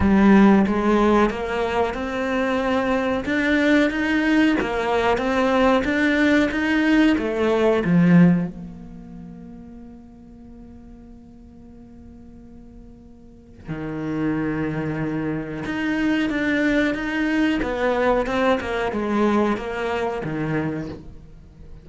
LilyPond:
\new Staff \with { instrumentName = "cello" } { \time 4/4 \tempo 4 = 92 g4 gis4 ais4 c'4~ | c'4 d'4 dis'4 ais4 | c'4 d'4 dis'4 a4 | f4 ais2.~ |
ais1~ | ais4 dis2. | dis'4 d'4 dis'4 b4 | c'8 ais8 gis4 ais4 dis4 | }